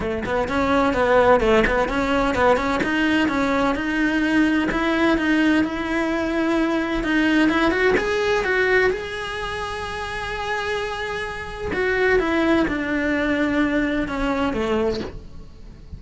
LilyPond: \new Staff \with { instrumentName = "cello" } { \time 4/4 \tempo 4 = 128 a8 b8 cis'4 b4 a8 b8 | cis'4 b8 cis'8 dis'4 cis'4 | dis'2 e'4 dis'4 | e'2. dis'4 |
e'8 fis'8 gis'4 fis'4 gis'4~ | gis'1~ | gis'4 fis'4 e'4 d'4~ | d'2 cis'4 a4 | }